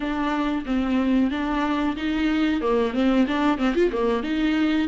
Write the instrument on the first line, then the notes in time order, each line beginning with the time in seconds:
viola
0.00 D4
0.65 C4
1.30 D4
1.96 D#4
2.61 A#3
2.93 C4
3.27 D4
3.58 C4
3.74 F4
3.92 A#3
4.23 D#4